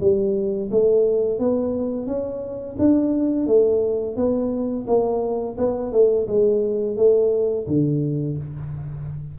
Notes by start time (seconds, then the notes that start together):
0.00 G3
0.70 A3
1.39 B3
2.06 C#4
2.78 D4
3.46 A3
4.16 B3
4.87 A#3
5.57 B3
5.92 A3
6.27 G#3
6.96 A3
7.67 D3